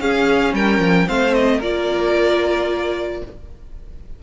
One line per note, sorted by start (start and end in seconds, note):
0.00 0.53 C#4
0.00 1.07 C#4
0.00 0.54 G#4
0.00 0.54 F5
0.53 0.79 G3
0.53 1.07 A#4
0.53 1.08 G5
0.79 1.06 F3
1.07 1.61 A3
1.07 1.61 C4
1.07 1.57 C5
1.07 1.34 F5
1.34 1.61 D#5
1.57 3.22 A#3
1.57 3.23 F4
1.57 3.18 A#4
1.57 3.23 D5